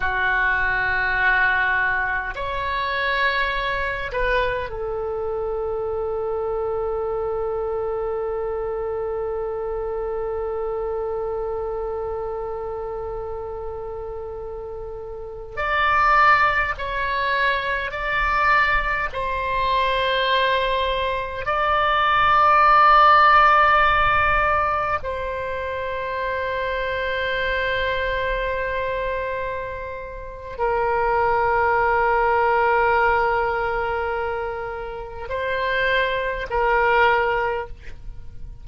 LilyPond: \new Staff \with { instrumentName = "oboe" } { \time 4/4 \tempo 4 = 51 fis'2 cis''4. b'8 | a'1~ | a'1~ | a'4~ a'16 d''4 cis''4 d''8.~ |
d''16 c''2 d''4.~ d''16~ | d''4~ d''16 c''2~ c''8.~ | c''2 ais'2~ | ais'2 c''4 ais'4 | }